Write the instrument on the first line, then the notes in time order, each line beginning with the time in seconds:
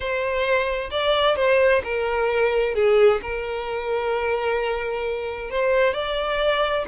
violin
0.00 C5
0.90 D5
1.36 C5
1.84 A#4
2.75 G#4
3.22 A#4
5.50 C5
5.93 D5